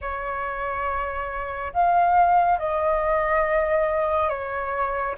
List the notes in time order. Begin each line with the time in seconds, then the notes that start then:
0.01 C#5
1.73 F5
2.58 D#5
4.29 C#5